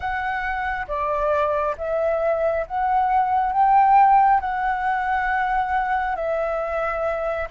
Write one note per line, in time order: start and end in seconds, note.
0.00 0.86 F#5
0.87 1.75 D5
1.77 2.66 E5
2.67 3.52 F#5
3.52 4.40 G5
4.40 6.15 F#5
6.15 7.48 E5